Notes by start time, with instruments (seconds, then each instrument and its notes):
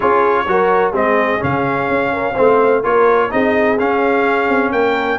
0.00 tuba C#4, trombone F4, horn G#4, trumpet C#5
0.46 tuba F#3, trombone F#4, horn A#4
0.92 tuba G#3, trombone C4, horn G#4, trumpet D#5
1.39 tuba C#3, trombone C#4, trumpet F5
1.88 tuba C#4
2.12 horn A#4
2.33 tuba A3, trombone C4, horn C5
2.83 tuba A#3, trombone F4, horn A#4, trumpet C#5
3.30 tuba C4, trombone D#4, horn G#4, trumpet D#5
3.78 trombone C#4, tuba C#4, trumpet F5
4.49 tuba C4
4.72 tuba A#3, horn A#4, trumpet G5